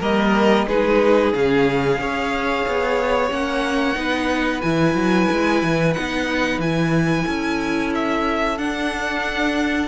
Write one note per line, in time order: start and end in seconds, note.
0.00 0.67 G3
0.00 0.68 A#3
0.00 0.66 A#4
0.00 0.68 D#5
0.67 1.33 G#3
0.67 1.34 D#4
0.67 2.00 G#4
0.67 1.34 B4
1.34 1.98 C#3
1.34 1.99 C#4
1.34 3.31 F5
1.98 2.64 C#4
1.98 3.30 G#4
1.98 3.99 C#5
2.68 3.31 B3
3.30 3.96 A#3
3.30 3.95 C#4
3.30 4.62 F#5
3.95 4.62 B3
3.95 4.61 D#4
3.95 7.25 B4
4.62 4.94 E3
4.62 5.95 E4
4.62 5.94 G#5
4.94 5.27 F#3
5.31 5.63 G#3
5.63 5.96 E3
5.94 6.58 B3
5.94 6.61 D#4
5.94 6.60 F#5
6.58 7.24 E3
6.58 8.58 E4
6.58 7.93 G#5
7.25 8.60 C#4
7.25 9.88 A4
7.95 8.58 E5
8.58 9.88 D4
8.58 9.88 F#5